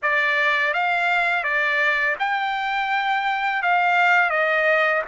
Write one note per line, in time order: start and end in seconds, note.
0.02 0.73 D5
0.73 1.43 F5
1.43 2.16 D5
2.19 3.62 G5
3.62 4.29 F5
4.29 5.02 D#5